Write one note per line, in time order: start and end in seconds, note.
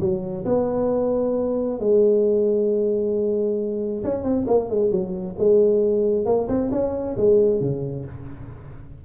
0.00 0.45 F#3
0.45 1.79 B3
1.79 4.03 G#3
4.04 4.24 C#4
4.24 4.46 C4
4.47 4.69 A#3
4.69 4.91 G#3
4.91 5.35 F#3
5.38 6.25 G#3
6.25 6.48 A#3
6.48 6.71 C4
6.71 7.16 C#4
7.16 7.60 G#3
7.60 8.05 C#3